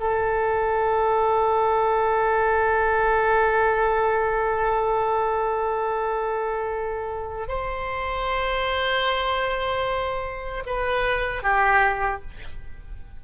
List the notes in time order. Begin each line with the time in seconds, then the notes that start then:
0.00 A4
7.48 C5
10.66 B4
11.43 G4